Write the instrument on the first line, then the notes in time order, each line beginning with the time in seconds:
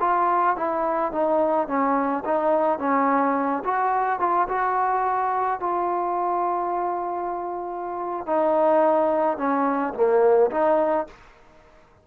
trombone
0.00 F4
0.56 E4
1.12 D#4
1.67 C#4
2.25 D#4
2.79 C#4
3.64 F#4
4.19 F4
4.48 F#4
5.60 F4
8.26 D#4
9.37 C#4
9.94 A#3
10.51 D#4